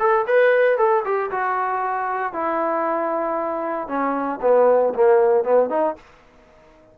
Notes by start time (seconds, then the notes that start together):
0.00 A4
0.27 B4
0.78 A4
1.05 G4
1.31 F#4
2.33 E4
3.88 C#4
4.42 B3
4.95 A#3
5.44 B3
5.70 D#4